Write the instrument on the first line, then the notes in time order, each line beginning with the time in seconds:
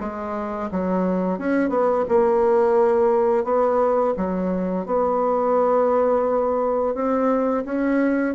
bassoon
0.00 G#3
0.71 F#3
1.39 C#4
1.69 B3
2.08 A#3
3.44 B3
4.17 F#3
4.86 B3
6.95 C4
7.65 C#4